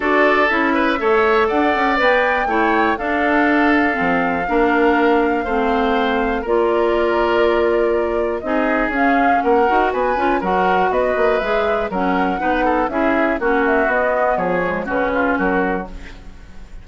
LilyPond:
<<
  \new Staff \with { instrumentName = "flute" } { \time 4/4 \tempo 4 = 121 d''4 e''2 fis''4 | g''2 f''2~ | f''1~ | f''4 d''2.~ |
d''4 dis''4 f''4 fis''4 | gis''4 fis''4 dis''4 e''4 | fis''2 e''4 fis''8 e''8 | dis''4 cis''4 b'4 ais'4 | }
  \new Staff \with { instrumentName = "oboe" } { \time 4/4 a'4. b'8 cis''4 d''4~ | d''4 cis''4 a'2~ | a'4 ais'2 c''4~ | c''4 ais'2.~ |
ais'4 gis'2 ais'4 | b'4 ais'4 b'2 | ais'4 b'8 a'8 gis'4 fis'4~ | fis'4 gis'4 fis'8 f'8 fis'4 | }
  \new Staff \with { instrumentName = "clarinet" } { \time 4/4 fis'4 e'4 a'2 | b'4 e'4 d'2 | c'4 d'2 c'4~ | c'4 f'2.~ |
f'4 dis'4 cis'4. fis'8~ | fis'8 f'8 fis'2 gis'4 | cis'4 dis'4 e'4 cis'4 | b4. gis8 cis'2 | }
  \new Staff \with { instrumentName = "bassoon" } { \time 4/4 d'4 cis'4 a4 d'8 cis'8 | b4 a4 d'2 | f4 ais2 a4~ | a4 ais2.~ |
ais4 c'4 cis'4 ais8 dis'8 | b8 cis'8 fis4 b8 ais8 gis4 | fis4 b4 cis'4 ais4 | b4 f4 cis4 fis4 | }
>>